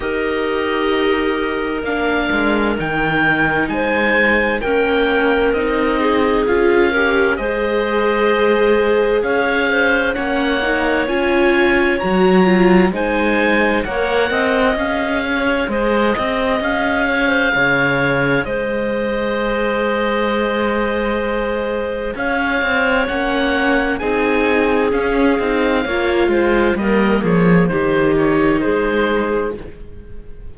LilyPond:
<<
  \new Staff \with { instrumentName = "oboe" } { \time 4/4 \tempo 4 = 65 dis''2 f''4 g''4 | gis''4 g''4 dis''4 f''4 | dis''2 f''4 fis''4 | gis''4 ais''4 gis''4 fis''4 |
f''4 dis''4 f''2 | dis''1 | f''4 fis''4 gis''4 f''4~ | f''4 dis''8 cis''8 c''8 cis''8 c''4 | }
  \new Staff \with { instrumentName = "clarinet" } { \time 4/4 ais'1 | c''4 ais'4. gis'4 ais'8 | c''2 cis''8 c''8 cis''4~ | cis''2 c''4 cis''8 dis''8~ |
dis''8 cis''8 c''8 dis''4 cis''16 c''16 cis''4 | c''1 | cis''2 gis'2 | cis''8 c''8 ais'8 gis'8 g'4 gis'4 | }
  \new Staff \with { instrumentName = "viola" } { \time 4/4 g'2 d'4 dis'4~ | dis'4 cis'4 dis'4 f'8 g'8 | gis'2. cis'8 dis'8 | f'4 fis'8 f'8 dis'4 ais'4 |
gis'1~ | gis'1~ | gis'4 cis'4 dis'4 cis'8 dis'8 | f'4 ais4 dis'2 | }
  \new Staff \with { instrumentName = "cello" } { \time 4/4 dis'2 ais8 gis8 dis4 | gis4 ais4 c'4 cis'4 | gis2 cis'4 ais4 | cis'4 fis4 gis4 ais8 c'8 |
cis'4 gis8 c'8 cis'4 cis4 | gis1 | cis'8 c'8 ais4 c'4 cis'8 c'8 | ais8 gis8 g8 f8 dis4 gis4 | }
>>